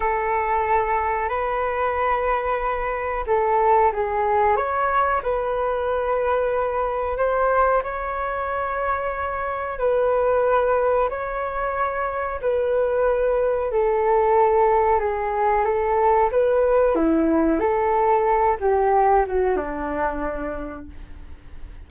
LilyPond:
\new Staff \with { instrumentName = "flute" } { \time 4/4 \tempo 4 = 92 a'2 b'2~ | b'4 a'4 gis'4 cis''4 | b'2. c''4 | cis''2. b'4~ |
b'4 cis''2 b'4~ | b'4 a'2 gis'4 | a'4 b'4 e'4 a'4~ | a'8 g'4 fis'8 d'2 | }